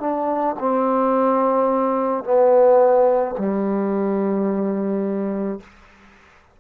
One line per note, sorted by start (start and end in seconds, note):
0.00 0.56 D4
0.60 2.24 C4
2.24 3.35 B3
3.38 5.60 G3